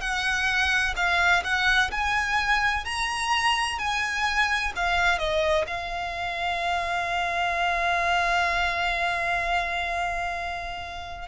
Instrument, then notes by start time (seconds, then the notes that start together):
violin
0.00 F#5
0.96 F5
1.43 F#5
1.91 G#5
2.85 A#5
3.78 G#5
4.76 F5
5.18 D#5
5.67 F5